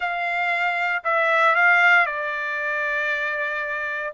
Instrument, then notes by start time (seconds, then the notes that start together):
trumpet
0.00 F5
1.04 E5
1.55 F5
2.05 D5